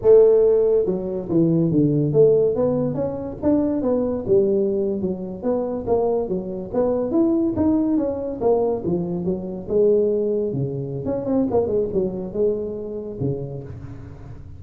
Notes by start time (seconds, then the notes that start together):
0.02 A3
0.85 F#3
1.29 E3
1.71 D3
2.13 A3
2.55 B3
2.94 C#4
3.42 D4
3.82 B3
4.27 G3
5.01 F#3
5.42 B3
5.86 A#3
6.28 F#3
6.73 B3
7.11 E4
7.56 D#4
7.97 C#4
8.40 A#3
8.85 F3
9.24 F#3
9.68 G#3
10.52 C#3
11.05 C#4
11.25 C4
11.50 A#3
11.67 G#3
11.93 F#3
12.33 G#3
13.20 C#3